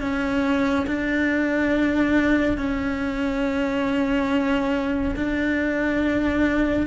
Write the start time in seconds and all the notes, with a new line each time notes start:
0.00 C#4
0.86 D4
2.58 C#4
5.15 D4